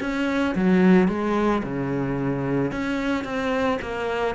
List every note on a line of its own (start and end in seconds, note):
0.00 0.55 C#4
0.55 1.08 F#3
1.08 1.62 G#3
1.63 2.71 C#3
2.71 3.24 C#4
3.24 3.79 C4
3.81 4.35 A#3